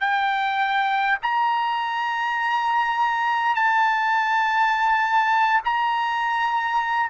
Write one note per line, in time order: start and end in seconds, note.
0.00 1.18 G5
1.22 3.55 A#5
3.55 5.61 A5
5.65 7.10 A#5